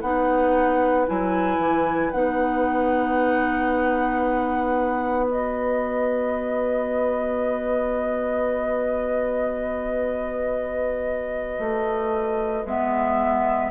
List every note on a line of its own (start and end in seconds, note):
0.00 1.07 B3
0.00 1.06 D#4
0.00 13.68 B4
0.00 1.06 F#5
1.06 1.59 F#3
1.06 2.11 E4
1.06 2.11 G#5
1.59 2.11 E3
2.11 11.59 B3
2.11 5.29 D#4
2.11 5.27 F#5
5.29 12.66 F#4
5.29 12.66 D#5
11.59 12.64 A3
12.65 13.70 G#3
12.65 13.70 B3
12.65 13.70 E5